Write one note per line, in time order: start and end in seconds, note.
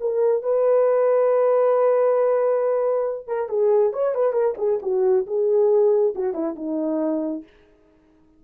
0.00 0.42 A#4
0.42 3.27 B4
3.27 3.49 A#4
3.49 3.93 G#4
3.93 4.14 C#5
4.14 4.32 B4
4.32 4.54 A#4
4.57 4.79 G#4
4.82 5.26 F#4
5.26 6.14 G#4
6.15 6.33 F#4
6.33 6.55 E4
6.55 7.43 D#4